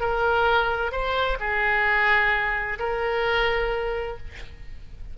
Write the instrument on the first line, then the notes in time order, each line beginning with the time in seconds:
oboe
0.00 A#4
0.91 C5
1.40 G#4
2.79 A#4